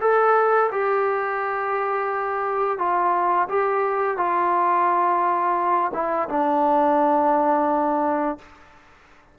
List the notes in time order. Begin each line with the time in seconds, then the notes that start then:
0.00 A4
0.71 G4
2.78 F4
3.49 G4
4.17 F4
5.93 E4
6.29 D4